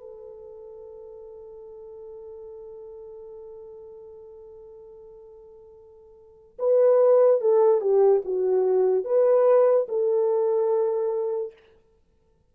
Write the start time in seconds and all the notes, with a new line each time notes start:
0.00 A4
6.58 B4
7.40 A4
7.80 G4
8.25 F#4
9.04 B4
9.88 A4